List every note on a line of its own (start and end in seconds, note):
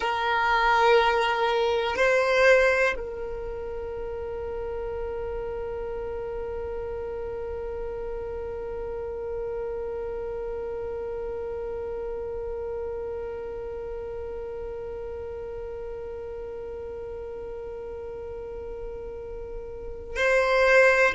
0.00 1.96 A#4
1.96 2.94 C5
2.96 20.15 A#4
20.15 21.14 C5